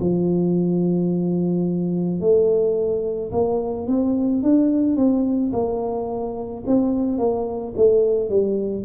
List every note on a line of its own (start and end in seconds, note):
0.00 2.20 F3
2.20 3.31 A3
3.32 3.87 A#3
3.87 4.42 C4
4.42 4.96 D4
4.96 5.52 C4
5.53 6.64 A#3
6.66 7.18 C4
7.18 7.73 A#3
7.76 8.29 A3
8.29 8.84 G3